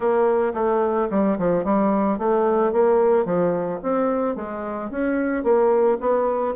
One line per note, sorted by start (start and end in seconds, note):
0.00 0.53 A#3
0.53 1.08 A3
1.10 1.37 G3
1.38 1.64 F3
1.64 2.18 G3
2.18 2.72 A3
2.72 3.25 A#3
3.25 3.79 F3
3.82 4.35 C4
4.35 4.90 G#3
4.90 5.43 C#4
5.43 5.98 A#3
6.00 6.55 B3